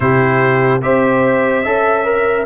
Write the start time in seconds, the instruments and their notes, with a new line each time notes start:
0.00 tuba C3, trombone E4, horn G4, trumpet C5
0.82 tuba C4, trombone G4, horn C5, trumpet E5
1.62 tuba C#4, trombone A4, horn E5
2.04 trombone A#4